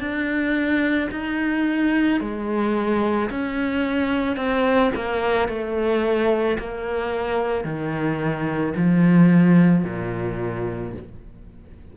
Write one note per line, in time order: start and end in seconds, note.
0.00 1.09 D4
1.12 2.21 D#4
2.21 3.30 G#3
3.30 4.36 C#4
4.36 4.91 C4
4.95 5.48 A#3
5.48 6.58 A3
6.59 7.64 A#3
7.64 8.73 D#3
8.76 9.84 F3
9.84 10.93 A#2